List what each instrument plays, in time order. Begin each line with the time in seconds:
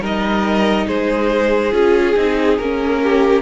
0.00 cello G3, viola D#4, violin A#4 D#5
0.87 cello G#3, violin G#4 C5
1.72 cello C#4, viola F4, violin G#4
2.16 cello C4, viola D#4
2.57 cello A#3, viola C#4, violin A#4
3.03 violin G4